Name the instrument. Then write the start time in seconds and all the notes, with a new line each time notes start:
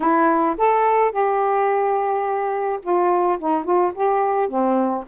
saxophone
0.00 E4
0.57 A4
1.11 G4
2.82 F4
3.38 D#4
3.64 F4
3.94 G4
4.48 C4